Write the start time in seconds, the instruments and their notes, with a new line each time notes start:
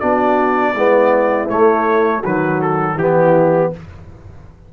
0.00 tuba B3, trombone D4, horn F#4, trumpet D5
0.74 tuba G#3, trombone B3, horn E4
1.49 trombone A3, tuba A3, trumpet C#5
2.20 tuba D#3, trombone F#3, horn F#4, trumpet B4
2.62 trumpet A4
2.95 tuba E3, trombone B3, horn E4, trumpet G4